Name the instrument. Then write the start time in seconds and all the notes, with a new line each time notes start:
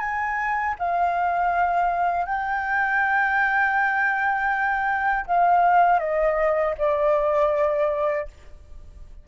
flute
0.00 G#5
0.79 F5
2.26 G5
5.27 F5
6.00 D#5
6.78 D5